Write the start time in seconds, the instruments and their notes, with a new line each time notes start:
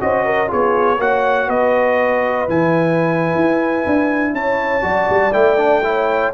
0.00 tuba C#4, trombone F#4, horn C5, trumpet D#5
0.25 horn A#4
0.47 tuba B3, trombone F4, horn G#4, trumpet C#5
0.98 tuba A#3, trombone F#4, horn C#5, trumpet F#5
1.47 tuba B3, horn B4, trumpet D#5
2.48 tuba E3, trombone E4, trumpet G#5
3.35 tuba E4
3.86 tuba D4
4.33 tuba C#4, horn C#5, trumpet A5
4.81 tuba F#3, trombone F#4, horn D5
5.09 tuba G3
5.33 tuba A3, trombone E4, trumpet G5
5.57 trombone D4
5.84 trombone E4, horn C#5